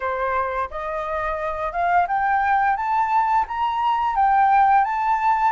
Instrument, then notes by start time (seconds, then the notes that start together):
flute
0.00 C5
0.70 D#5
1.72 F5
2.07 G5
2.76 A5
3.47 A#5
4.15 G5
4.84 A5